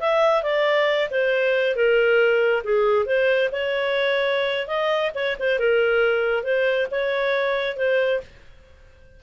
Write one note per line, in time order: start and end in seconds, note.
0.00 0.43 E5
0.43 1.08 D5
1.10 1.75 C5
1.75 2.63 A#4
2.64 3.06 G#4
3.06 3.50 C5
3.52 4.67 C#5
4.67 5.11 D#5
5.14 5.36 C#5
5.39 5.59 C5
5.59 6.43 A#4
6.43 6.87 C5
6.91 7.77 C#5
7.77 8.20 C5